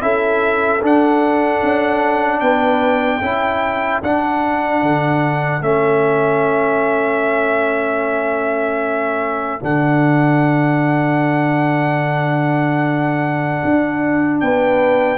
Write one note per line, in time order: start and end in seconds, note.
0.00 0.82 C#4
0.00 0.80 E4
0.00 2.42 A4
0.00 0.81 E5
0.81 3.21 D4
0.81 1.62 D4
0.81 2.40 F#5
1.63 2.41 C#4
2.40 3.21 B3
2.40 3.20 B4
2.40 4.00 G5
3.20 4.01 C#4
3.20 4.03 E4
3.20 14.40 A4
4.02 4.82 D4
4.02 5.61 D4
4.02 5.62 F#5
4.82 5.61 D3
5.61 9.61 A3
5.61 9.60 C#4
5.61 9.62 E5
9.60 13.62 D3
9.60 15.18 D4
9.60 14.40 F#5
13.64 14.42 D4
14.40 15.18 B3
14.40 15.18 B4
14.40 15.18 G5